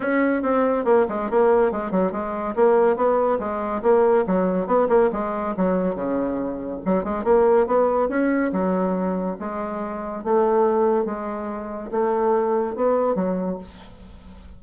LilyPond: \new Staff \with { instrumentName = "bassoon" } { \time 4/4 \tempo 4 = 141 cis'4 c'4 ais8 gis8 ais4 | gis8 fis8 gis4 ais4 b4 | gis4 ais4 fis4 b8 ais8 | gis4 fis4 cis2 |
fis8 gis8 ais4 b4 cis'4 | fis2 gis2 | a2 gis2 | a2 b4 fis4 | }